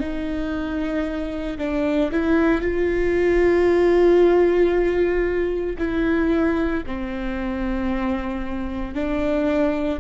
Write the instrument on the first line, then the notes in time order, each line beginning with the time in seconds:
viola
0.00 D#4
1.58 D4
2.12 E4
2.61 F4
5.78 E4
6.87 C4
8.95 D4